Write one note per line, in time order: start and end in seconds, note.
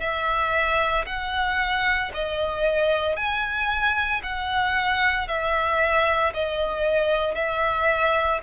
0.00 1.05 E5
1.06 2.11 F#5
2.14 3.16 D#5
3.16 4.22 G#5
4.23 5.28 F#5
5.28 6.33 E5
6.34 7.35 D#5
7.35 8.40 E5